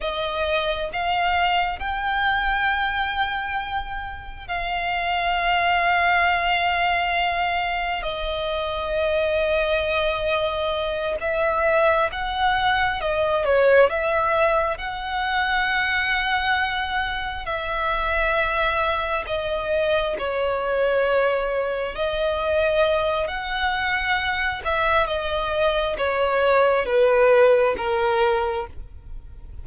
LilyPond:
\new Staff \with { instrumentName = "violin" } { \time 4/4 \tempo 4 = 67 dis''4 f''4 g''2~ | g''4 f''2.~ | f''4 dis''2.~ | dis''8 e''4 fis''4 dis''8 cis''8 e''8~ |
e''8 fis''2. e''8~ | e''4. dis''4 cis''4.~ | cis''8 dis''4. fis''4. e''8 | dis''4 cis''4 b'4 ais'4 | }